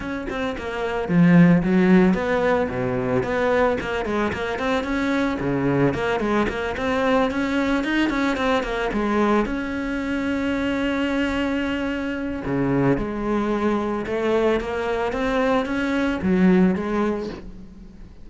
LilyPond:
\new Staff \with { instrumentName = "cello" } { \time 4/4 \tempo 4 = 111 cis'8 c'8 ais4 f4 fis4 | b4 b,4 b4 ais8 gis8 | ais8 c'8 cis'4 cis4 ais8 gis8 | ais8 c'4 cis'4 dis'8 cis'8 c'8 |
ais8 gis4 cis'2~ cis'8~ | cis'2. cis4 | gis2 a4 ais4 | c'4 cis'4 fis4 gis4 | }